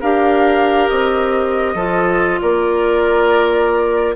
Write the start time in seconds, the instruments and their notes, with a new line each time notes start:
0.00 bassoon D4, clarinet G4, oboe A#4, flute F5
0.88 bassoon C4, flute D#5
1.74 bassoon F3, clarinet F4, oboe A4
2.41 bassoon A#3, oboe A#4, flute D5